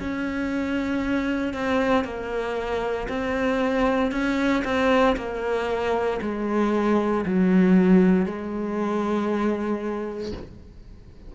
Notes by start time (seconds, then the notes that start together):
0.00 C#4
1.54 C4
2.05 A#3
3.09 C4
4.12 C#4
4.65 C4
5.17 A#3
6.22 G#3
7.26 F#3
8.26 G#3